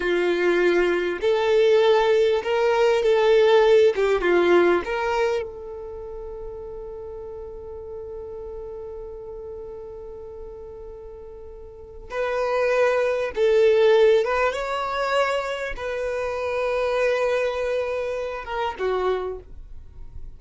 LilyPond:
\new Staff \with { instrumentName = "violin" } { \time 4/4 \tempo 4 = 99 f'2 a'2 | ais'4 a'4. g'8 f'4 | ais'4 a'2.~ | a'1~ |
a'1 | b'2 a'4. b'8 | cis''2 b'2~ | b'2~ b'8 ais'8 fis'4 | }